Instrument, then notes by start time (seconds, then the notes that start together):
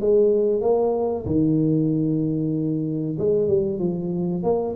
tuba
0.00 G#3
0.61 A#3
1.26 D#3
3.19 G#3
3.48 G3
3.79 F3
4.43 A#3